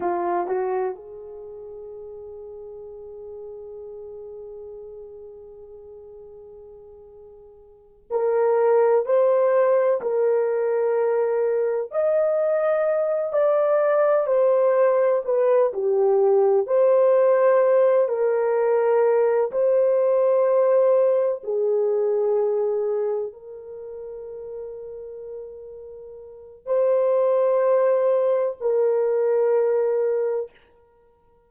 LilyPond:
\new Staff \with { instrumentName = "horn" } { \time 4/4 \tempo 4 = 63 f'8 fis'8 gis'2.~ | gis'1~ | gis'8 ais'4 c''4 ais'4.~ | ais'8 dis''4. d''4 c''4 |
b'8 g'4 c''4. ais'4~ | ais'8 c''2 gis'4.~ | gis'8 ais'2.~ ais'8 | c''2 ais'2 | }